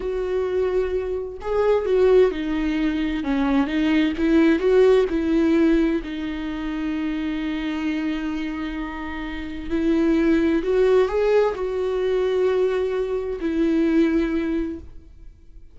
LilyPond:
\new Staff \with { instrumentName = "viola" } { \time 4/4 \tempo 4 = 130 fis'2. gis'4 | fis'4 dis'2 cis'4 | dis'4 e'4 fis'4 e'4~ | e'4 dis'2.~ |
dis'1~ | dis'4 e'2 fis'4 | gis'4 fis'2.~ | fis'4 e'2. | }